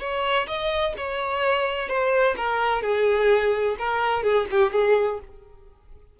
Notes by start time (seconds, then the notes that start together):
0.00 C#5
0.47 D#5
0.97 C#5
1.89 C5
2.37 A#4
2.82 G#4
3.78 A#4
4.23 G#4
4.51 G4
4.73 G#4